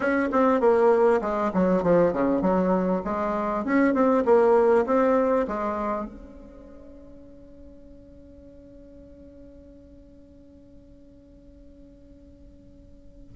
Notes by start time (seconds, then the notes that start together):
0.00 C#4
0.31 C4
0.60 A#3
1.21 G#3
1.53 F#3
1.83 F3
2.12 C#3
2.41 F#3
3.04 G#3
3.64 C#4
3.93 C4
4.25 A#3
4.85 C4
5.47 G#3
6.05 C#4